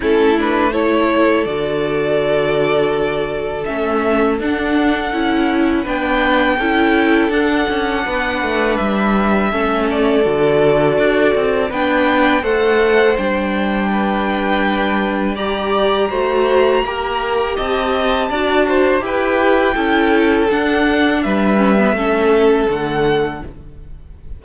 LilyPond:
<<
  \new Staff \with { instrumentName = "violin" } { \time 4/4 \tempo 4 = 82 a'8 b'8 cis''4 d''2~ | d''4 e''4 fis''2 | g''2 fis''2 | e''4. d''2~ d''8 |
g''4 fis''4 g''2~ | g''4 ais''2. | a''2 g''2 | fis''4 e''2 fis''4 | }
  \new Staff \with { instrumentName = "violin" } { \time 4/4 e'4 a'2.~ | a'1 | b'4 a'2 b'4~ | b'4 a'2. |
b'4 c''2 b'4~ | b'4 d''4 c''4 ais'4 | dis''4 d''8 c''8 b'4 a'4~ | a'4 b'4 a'2 | }
  \new Staff \with { instrumentName = "viola" } { \time 4/4 cis'8 d'8 e'4 fis'2~ | fis'4 cis'4 d'4 e'4 | d'4 e'4 d'2~ | d'4 cis'4 fis'2 |
d'4 a'4 d'2~ | d'4 g'4 fis'4 g'4~ | g'4 fis'4 g'4 e'4 | d'4. cis'16 b16 cis'4 a4 | }
  \new Staff \with { instrumentName = "cello" } { \time 4/4 a2 d2~ | d4 a4 d'4 cis'4 | b4 cis'4 d'8 cis'8 b8 a8 | g4 a4 d4 d'8 c'8 |
b4 a4 g2~ | g2 a4 ais4 | c'4 d'4 e'4 cis'4 | d'4 g4 a4 d4 | }
>>